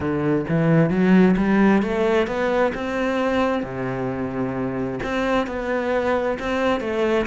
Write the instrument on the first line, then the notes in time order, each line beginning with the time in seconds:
cello
0.00 D3
0.49 E3
0.90 F#3
1.36 G3
1.82 A3
2.27 B3
2.74 C4
3.63 C3
5.03 C4
5.46 B3
6.39 C4
6.80 A3